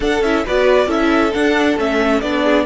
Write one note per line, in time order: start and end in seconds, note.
0.00 0.21 D4
0.00 0.22 D4
0.00 0.44 A4
0.00 0.22 F#5
0.21 0.44 C#4
0.21 0.45 E4
0.21 0.44 E5
0.45 0.87 B3
0.45 0.87 F#4
0.45 0.87 B4
0.45 0.90 D5
0.87 1.31 C#4
0.87 1.31 E4
0.87 2.42 A4
0.87 1.33 E5
1.33 1.78 D4
1.33 1.77 D4
1.33 1.77 F#5
1.77 2.21 A3
1.77 2.22 C#4
1.77 2.21 E5
2.21 2.66 B3
2.21 2.66 D4
2.21 2.65 D5
2.42 2.65 G#4